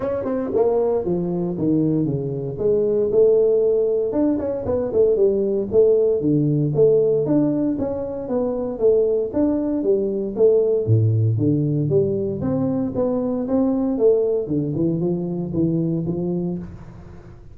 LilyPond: \new Staff \with { instrumentName = "tuba" } { \time 4/4 \tempo 4 = 116 cis'8 c'8 ais4 f4 dis4 | cis4 gis4 a2 | d'8 cis'8 b8 a8 g4 a4 | d4 a4 d'4 cis'4 |
b4 a4 d'4 g4 | a4 a,4 d4 g4 | c'4 b4 c'4 a4 | d8 e8 f4 e4 f4 | }